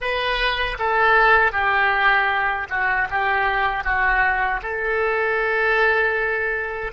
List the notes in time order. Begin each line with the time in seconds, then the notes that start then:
0.00 B4
0.78 A4
1.52 G4
2.69 F#4
3.09 G4
3.84 F#4
4.62 A4